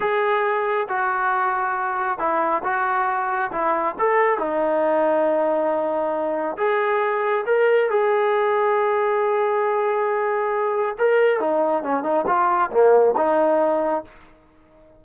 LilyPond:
\new Staff \with { instrumentName = "trombone" } { \time 4/4 \tempo 4 = 137 gis'2 fis'2~ | fis'4 e'4 fis'2 | e'4 a'4 dis'2~ | dis'2. gis'4~ |
gis'4 ais'4 gis'2~ | gis'1~ | gis'4 ais'4 dis'4 cis'8 dis'8 | f'4 ais4 dis'2 | }